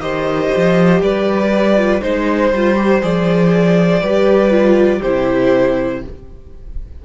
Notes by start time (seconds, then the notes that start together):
0.00 D#3 G4 C5 D#5
0.56 F3
1.01 G3 B4 D5
1.77 F4
2.01 G#3 D#4 C5
2.52 G3 F4
2.76 G4
3.02 F3 G#4 D5
4.01 G3 G4 B4
4.51 F4
4.99 C3 G4 C5
5.05 E4